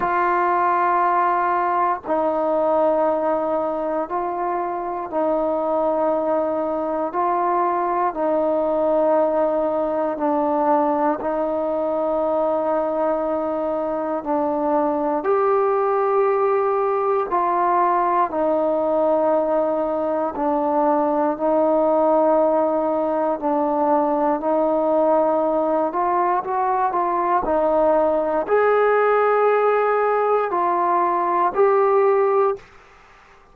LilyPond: \new Staff \with { instrumentName = "trombone" } { \time 4/4 \tempo 4 = 59 f'2 dis'2 | f'4 dis'2 f'4 | dis'2 d'4 dis'4~ | dis'2 d'4 g'4~ |
g'4 f'4 dis'2 | d'4 dis'2 d'4 | dis'4. f'8 fis'8 f'8 dis'4 | gis'2 f'4 g'4 | }